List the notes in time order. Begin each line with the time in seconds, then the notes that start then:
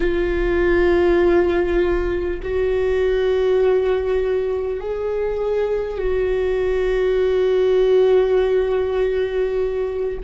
0.00 F4
2.43 F#4
4.80 G#4
5.98 F#4